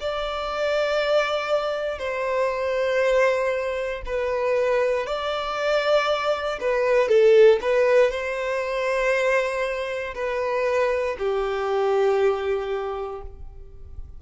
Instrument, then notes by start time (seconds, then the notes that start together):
violin
0.00 D5
1.99 C5
4.06 B4
5.07 D5
6.61 B4
7.09 A4
7.61 B4
8.11 C5
10.15 B4
11.19 G4